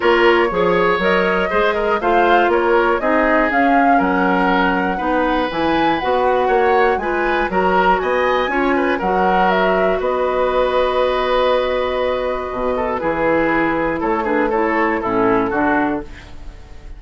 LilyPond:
<<
  \new Staff \with { instrumentName = "flute" } { \time 4/4 \tempo 4 = 120 cis''2 dis''2 | f''4 cis''4 dis''4 f''4 | fis''2. gis''4 | fis''2 gis''4 ais''4 |
gis''2 fis''4 e''4 | dis''1~ | dis''2 b'2 | cis''8 b'8 cis''4 a'2 | }
  \new Staff \with { instrumentName = "oboe" } { \time 4/4 ais'4 cis''2 c''8 ais'8 | c''4 ais'4 gis'2 | ais'2 b'2~ | b'4 cis''4 b'4 ais'4 |
dis''4 cis''8 b'8 ais'2 | b'1~ | b'4. a'8 gis'2 | a'8 gis'8 a'4 e'4 fis'4 | }
  \new Staff \with { instrumentName = "clarinet" } { \time 4/4 f'4 gis'4 ais'4 gis'4 | f'2 dis'4 cis'4~ | cis'2 dis'4 e'4 | fis'2 f'4 fis'4~ |
fis'4 f'4 fis'2~ | fis'1~ | fis'2 e'2~ | e'8 d'8 e'4 cis'4 d'4 | }
  \new Staff \with { instrumentName = "bassoon" } { \time 4/4 ais4 f4 fis4 gis4 | a4 ais4 c'4 cis'4 | fis2 b4 e4 | b4 ais4 gis4 fis4 |
b4 cis'4 fis2 | b1~ | b4 b,4 e2 | a2 a,4 d4 | }
>>